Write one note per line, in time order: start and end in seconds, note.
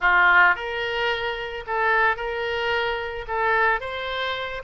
0.00 0.55 F4
0.55 1.64 A#4
1.66 2.16 A4
2.16 3.25 A#4
3.27 3.80 A4
3.80 4.62 C5